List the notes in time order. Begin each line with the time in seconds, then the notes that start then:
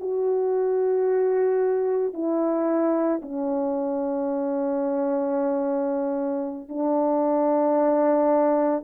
0.00 F#4
2.14 E4
3.22 C#4
6.69 D4